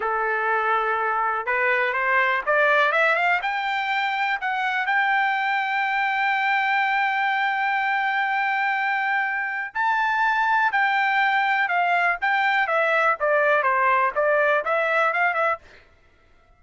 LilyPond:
\new Staff \with { instrumentName = "trumpet" } { \time 4/4 \tempo 4 = 123 a'2. b'4 | c''4 d''4 e''8 f''8 g''4~ | g''4 fis''4 g''2~ | g''1~ |
g''1 | a''2 g''2 | f''4 g''4 e''4 d''4 | c''4 d''4 e''4 f''8 e''8 | }